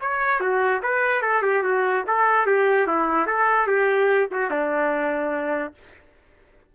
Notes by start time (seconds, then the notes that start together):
0.00 C#5
0.40 F#4
0.82 B4
1.21 A4
1.42 G4
1.63 F#4
2.06 A4
2.46 G4
2.86 E4
3.26 A4
3.66 G4
4.31 F#4
4.50 D4